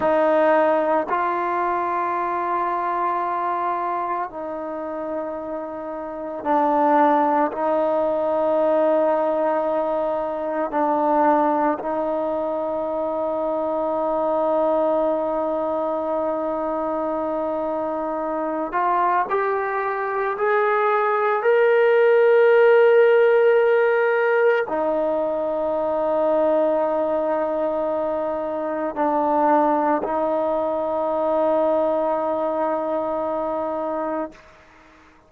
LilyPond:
\new Staff \with { instrumentName = "trombone" } { \time 4/4 \tempo 4 = 56 dis'4 f'2. | dis'2 d'4 dis'4~ | dis'2 d'4 dis'4~ | dis'1~ |
dis'4. f'8 g'4 gis'4 | ais'2. dis'4~ | dis'2. d'4 | dis'1 | }